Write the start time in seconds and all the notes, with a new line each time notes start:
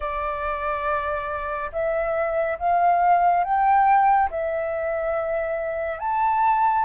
0.00 D5
1.72 E5
2.58 F5
3.44 G5
4.30 E5
5.99 A5